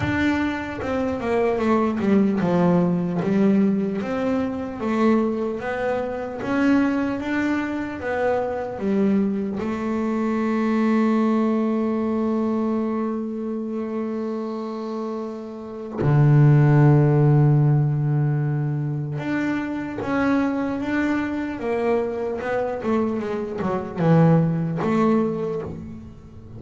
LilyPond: \new Staff \with { instrumentName = "double bass" } { \time 4/4 \tempo 4 = 75 d'4 c'8 ais8 a8 g8 f4 | g4 c'4 a4 b4 | cis'4 d'4 b4 g4 | a1~ |
a1 | d1 | d'4 cis'4 d'4 ais4 | b8 a8 gis8 fis8 e4 a4 | }